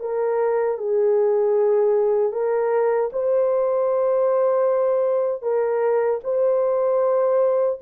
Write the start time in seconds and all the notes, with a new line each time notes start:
0.00 A#4
0.78 G#4
2.32 A#4
3.12 C5
5.42 A#4
6.24 C5